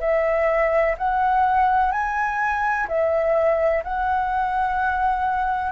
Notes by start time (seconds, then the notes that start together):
0.00 E5
0.97 F#5
1.91 G#5
2.88 E5
3.84 F#5